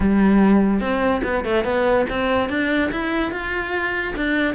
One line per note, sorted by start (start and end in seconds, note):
0.00 0.80 G3
0.80 1.21 C4
1.23 1.44 B3
1.44 1.64 A3
1.64 2.05 B3
2.09 2.49 C4
2.49 2.90 D4
2.91 3.31 E4
3.31 4.14 F4
4.16 4.54 D4